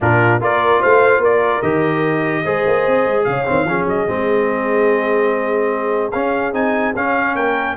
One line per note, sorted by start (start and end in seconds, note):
0.00 0.40 A#2
0.00 0.40 D4
0.00 0.42 F4
0.00 0.42 A#4
0.40 0.81 A#3
0.40 1.63 F4
0.40 0.80 A#4
0.40 0.82 D5
0.80 1.18 A3
0.80 1.21 C5
0.80 1.23 F5
1.18 1.59 A#3
1.18 2.43 A#4
1.18 1.62 D5
1.62 2.44 D#3
1.62 2.44 G4
1.62 3.24 D#5
2.44 2.65 G#3
2.44 3.45 G#4
2.44 3.25 C5
2.66 2.86 A#3
2.86 3.05 C4
3.05 3.26 G#3
3.24 3.47 C#3
3.24 3.68 C#5
3.24 3.85 F5
3.45 3.65 D#3
3.45 3.66 C4
3.65 3.85 F3
3.65 4.07 C#4
3.65 7.35 G#4
3.86 4.07 F#3
3.86 6.11 D#5
4.07 6.13 G#3
4.07 6.11 C4
6.11 6.53 C#4
6.11 6.52 F5
6.53 6.93 C4
6.53 6.93 D#4
6.53 6.94 G#5
6.95 7.35 C#4
6.95 7.76 C#4
6.95 7.35 F5
7.35 7.75 A#3
7.35 7.76 A#4
7.35 7.76 G5